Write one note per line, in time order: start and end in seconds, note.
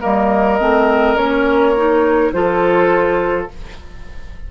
0.00 0.60 G3
0.00 0.58 A#3
0.00 2.31 A#4
0.00 1.16 D#5
0.59 1.15 A3
0.59 1.16 C4
1.15 2.31 A#3
1.15 1.74 C#4
1.15 2.32 C#5
1.76 2.33 D#4
2.32 3.48 F3
2.32 3.48 F4
2.32 3.51 A4
2.32 3.47 C5